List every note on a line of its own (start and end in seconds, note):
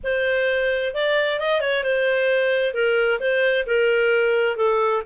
0.03 0.94 C5
0.94 1.39 D5
1.39 1.60 D#5
1.60 1.83 C#5
1.83 2.74 C5
2.74 3.19 A#4
3.19 3.65 C5
3.66 4.56 A#4
4.56 5.02 A4